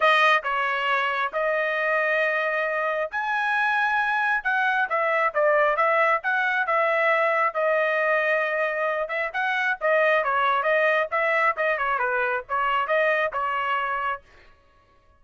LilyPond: \new Staff \with { instrumentName = "trumpet" } { \time 4/4 \tempo 4 = 135 dis''4 cis''2 dis''4~ | dis''2. gis''4~ | gis''2 fis''4 e''4 | d''4 e''4 fis''4 e''4~ |
e''4 dis''2.~ | dis''8 e''8 fis''4 dis''4 cis''4 | dis''4 e''4 dis''8 cis''8 b'4 | cis''4 dis''4 cis''2 | }